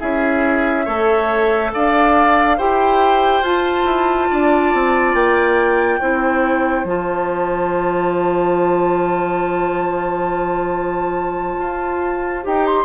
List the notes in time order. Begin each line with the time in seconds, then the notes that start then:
0.00 C#4 E4 G#4 E5
0.85 A3 A4 C#5
1.73 D4 D5 F5
2.57 E4 G4 C5 G5
3.41 F4 A5
3.85 E4
4.30 D4 D5
4.74 C4
5.14 A#3 G5
6.00 C4 E4 C5
6.84 F3 F4 A5
11.59 F4
12.43 D#4 G4 G5
12.66 C6